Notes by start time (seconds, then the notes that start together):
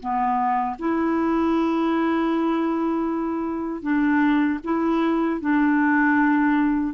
0.00 B3
0.79 E4
3.83 D4
4.64 E4
5.41 D4